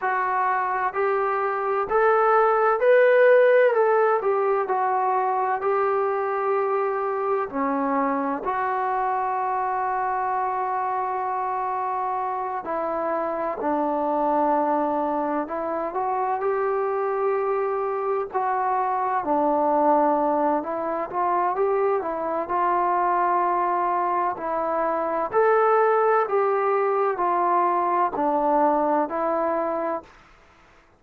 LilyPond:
\new Staff \with { instrumentName = "trombone" } { \time 4/4 \tempo 4 = 64 fis'4 g'4 a'4 b'4 | a'8 g'8 fis'4 g'2 | cis'4 fis'2.~ | fis'4. e'4 d'4.~ |
d'8 e'8 fis'8 g'2 fis'8~ | fis'8 d'4. e'8 f'8 g'8 e'8 | f'2 e'4 a'4 | g'4 f'4 d'4 e'4 | }